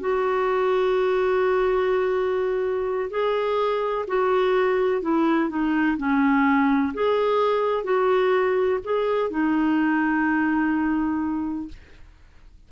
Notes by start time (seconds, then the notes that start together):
0.00 F#4
3.10 G#4
4.07 F#4
5.02 E4
5.49 D#4
5.97 C#4
6.94 G#4
7.84 F#4
8.84 G#4
9.30 D#4